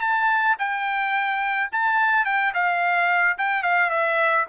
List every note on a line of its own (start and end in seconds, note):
0.00 0.56 A5
0.59 1.70 G5
1.72 2.25 A5
2.25 2.53 G5
2.54 3.37 F5
3.38 3.62 G5
3.62 3.90 F5
3.90 4.45 E5